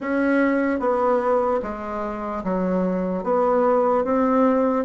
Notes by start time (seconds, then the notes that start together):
0.00 C#4
0.79 B3
1.62 G#3
2.44 F#3
3.23 B3
4.04 C4